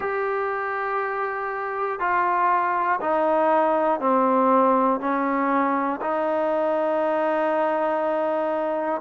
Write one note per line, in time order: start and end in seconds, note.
0.00 1.99 G4
1.99 2.99 F4
3.00 4.00 D#4
4.00 5.00 C4
5.00 6.00 C#4
6.00 9.00 D#4